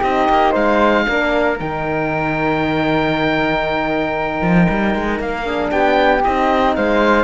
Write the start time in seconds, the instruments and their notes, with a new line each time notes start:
0.00 cello C4, horn D#4, flute G4, oboe D#5
0.30 cello A#3
0.52 cello G#3, flute C5, oboe F5
1.07 cello A#3, horn D4, flute A#4
1.60 cello D#3, horn D#4, oboe G5
4.42 cello F3
4.70 cello G3
4.96 cello G#3
5.20 cello A#3, oboe F5
5.45 horn D4, flute G#4
5.71 cello B3, flute G4, oboe G5
6.24 cello C4, horn D#4, oboe D#5
6.76 cello G#3, flute C5, oboe F5